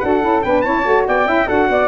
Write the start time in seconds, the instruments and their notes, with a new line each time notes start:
0.00 tuba D4, saxophone F#4, flute A4, trumpet F#5
0.22 tuba C#4, saxophone E4
0.42 tuba B3, saxophone D4, flute B4, trumpet G5
0.62 tuba C#4, saxophone E4, flute C#5, trumpet A5
0.84 tuba A3, saxophone F#4
1.08 tuba B3, flute D5, trumpet G5
1.26 tuba C#4, saxophone E4, flute E5
1.47 tuba D4, saxophone F#4, flute A4, trumpet F#5
1.70 tuba B3, flute D5